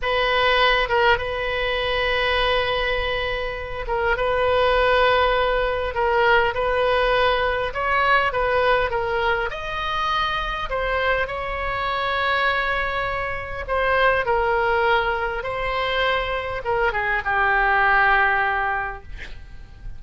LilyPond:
\new Staff \with { instrumentName = "oboe" } { \time 4/4 \tempo 4 = 101 b'4. ais'8 b'2~ | b'2~ b'8 ais'8 b'4~ | b'2 ais'4 b'4~ | b'4 cis''4 b'4 ais'4 |
dis''2 c''4 cis''4~ | cis''2. c''4 | ais'2 c''2 | ais'8 gis'8 g'2. | }